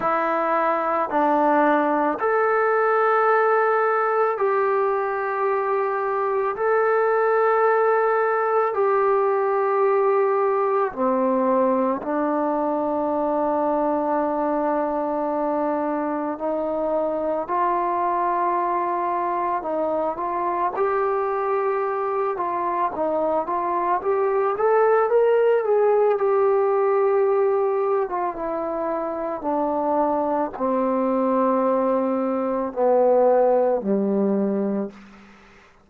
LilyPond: \new Staff \with { instrumentName = "trombone" } { \time 4/4 \tempo 4 = 55 e'4 d'4 a'2 | g'2 a'2 | g'2 c'4 d'4~ | d'2. dis'4 |
f'2 dis'8 f'8 g'4~ | g'8 f'8 dis'8 f'8 g'8 a'8 ais'8 gis'8 | g'4.~ g'16 f'16 e'4 d'4 | c'2 b4 g4 | }